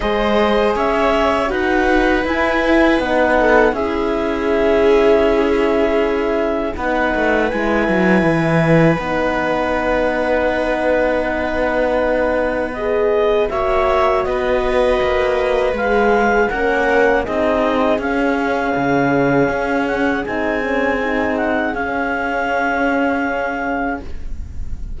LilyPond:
<<
  \new Staff \with { instrumentName = "clarinet" } { \time 4/4 \tempo 4 = 80 dis''4 e''4 fis''4 gis''4 | fis''4 e''2.~ | e''4 fis''4 gis''2 | fis''1~ |
fis''4 dis''4 e''4 dis''4~ | dis''4 f''4 fis''4 dis''4 | f''2~ f''8 fis''8 gis''4~ | gis''8 fis''8 f''2. | }
  \new Staff \with { instrumentName = "viola" } { \time 4/4 c''4 cis''4 b'2~ | b'8 a'8 gis'2.~ | gis'4 b'2.~ | b'1~ |
b'2 cis''4 b'4~ | b'2 ais'4 gis'4~ | gis'1~ | gis'1 | }
  \new Staff \with { instrumentName = "horn" } { \time 4/4 gis'2 fis'4 e'4 | dis'4 e'2.~ | e'4 dis'4 e'2 | dis'1~ |
dis'4 gis'4 fis'2~ | fis'4 gis'4 cis'4 dis'4 | cis'2. dis'8 cis'8 | dis'4 cis'2. | }
  \new Staff \with { instrumentName = "cello" } { \time 4/4 gis4 cis'4 dis'4 e'4 | b4 cis'2.~ | cis'4 b8 a8 gis8 fis8 e4 | b1~ |
b2 ais4 b4 | ais4 gis4 ais4 c'4 | cis'4 cis4 cis'4 c'4~ | c'4 cis'2. | }
>>